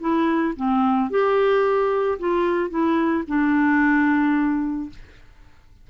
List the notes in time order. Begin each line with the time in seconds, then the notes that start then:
0.00 E4
0.56 C4
1.10 G4
2.19 F4
2.70 E4
3.28 D4